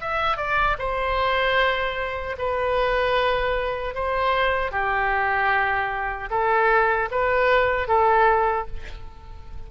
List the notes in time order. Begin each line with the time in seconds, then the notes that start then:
0.00 E5
0.37 D5
0.78 C5
2.38 B4
3.94 C5
4.71 G4
6.30 A4
7.11 B4
7.87 A4